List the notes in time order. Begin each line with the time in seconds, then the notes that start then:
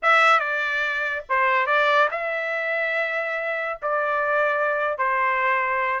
0.02 E5
0.39 D5
1.29 C5
1.66 D5
2.10 E5
3.81 D5
4.97 C5